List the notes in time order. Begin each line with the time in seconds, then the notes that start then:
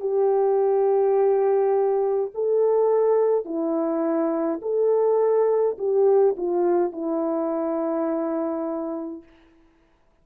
0.00 G4
2.34 A4
3.45 E4
4.62 A4
5.78 G4
6.37 F4
6.92 E4